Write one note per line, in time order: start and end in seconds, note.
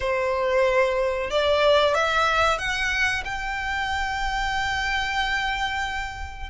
0.00 1.30 C5
1.30 1.94 D5
1.94 2.58 E5
2.58 3.23 F#5
3.24 6.50 G5